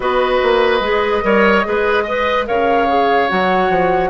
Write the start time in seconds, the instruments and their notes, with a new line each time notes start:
0.00 bassoon B3, clarinet F#4, oboe B4, flute D#5
0.42 bassoon A#3
0.80 bassoon G#3, clarinet G#4
1.22 bassoon G3, clarinet A#4, oboe C#5
1.64 bassoon G#3, clarinet G#4, oboe B4
2.03 clarinet B4, oboe D#5
2.46 bassoon C#3, clarinet A#4, oboe C#5, flute F5
2.88 clarinet G#4
3.28 bassoon F#3, clarinet F#4, flute F#5
3.69 bassoon F3